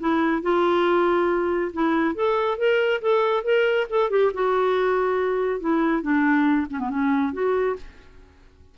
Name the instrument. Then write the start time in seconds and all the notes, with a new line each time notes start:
clarinet
0.00 E4
0.42 F4
1.73 E4
2.15 A4
2.58 A#4
3.02 A4
3.44 A#4
3.90 A4
4.10 G4
4.34 F#4
5.60 E4
6.03 D4
6.71 C#4
6.80 B3
6.90 C#4
7.33 F#4